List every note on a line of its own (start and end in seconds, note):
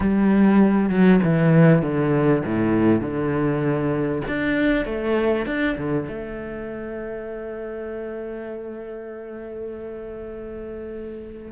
0.00 0.89 G3
0.89 1.20 F#3
1.23 1.82 E3
1.82 2.42 D3
2.45 3.00 A2
3.00 4.21 D3
4.27 4.85 D4
4.85 5.45 A3
5.46 5.76 D4
5.77 6.07 D3
6.07 11.51 A3